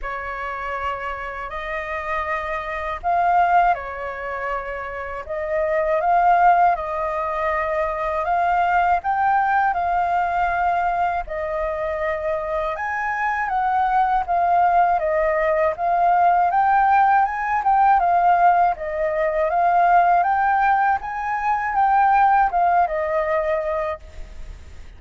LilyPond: \new Staff \with { instrumentName = "flute" } { \time 4/4 \tempo 4 = 80 cis''2 dis''2 | f''4 cis''2 dis''4 | f''4 dis''2 f''4 | g''4 f''2 dis''4~ |
dis''4 gis''4 fis''4 f''4 | dis''4 f''4 g''4 gis''8 g''8 | f''4 dis''4 f''4 g''4 | gis''4 g''4 f''8 dis''4. | }